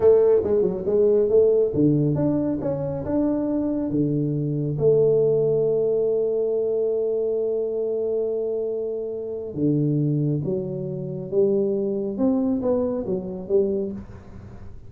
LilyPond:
\new Staff \with { instrumentName = "tuba" } { \time 4/4 \tempo 4 = 138 a4 gis8 fis8 gis4 a4 | d4 d'4 cis'4 d'4~ | d'4 d2 a4~ | a1~ |
a1~ | a2 d2 | fis2 g2 | c'4 b4 fis4 g4 | }